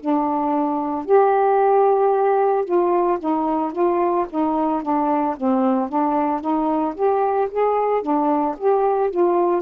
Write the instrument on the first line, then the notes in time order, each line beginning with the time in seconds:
saxophone
0.00 D4
1.05 G4
2.65 F4
3.19 D#4
3.73 F4
4.30 D#4
4.82 D4
5.37 C4
5.89 D4
6.41 D#4
6.95 G4
7.51 G#4
8.02 D4
8.58 G4
9.11 F4